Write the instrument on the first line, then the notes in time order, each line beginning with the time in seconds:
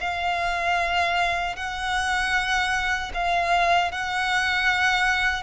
violin
0.00 F5
1.55 F#5
3.13 F5
3.91 F#5